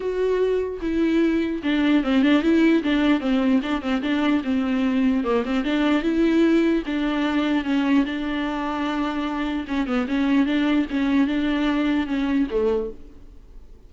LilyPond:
\new Staff \with { instrumentName = "viola" } { \time 4/4 \tempo 4 = 149 fis'2 e'2 | d'4 c'8 d'8 e'4 d'4 | c'4 d'8 c'8 d'4 c'4~ | c'4 ais8 c'8 d'4 e'4~ |
e'4 d'2 cis'4 | d'1 | cis'8 b8 cis'4 d'4 cis'4 | d'2 cis'4 a4 | }